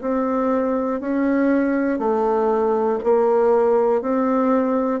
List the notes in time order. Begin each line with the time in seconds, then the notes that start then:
0.00 C4
1.00 C#4
1.99 A3
3.03 A#3
4.01 C4